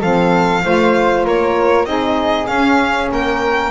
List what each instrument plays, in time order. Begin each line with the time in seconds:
0.00 double bass F3, saxophone C4, flute A4, violin F5
0.62 double bass A3, saxophone F4, flute C5
1.24 double bass A#3, flute A#4, violin C#5
1.85 double bass C4, saxophone D#4, flute G#4, violin D#5
2.47 double bass C#4, saxophone C#4, violin F5
3.11 double bass A#3, flute A#4, violin G5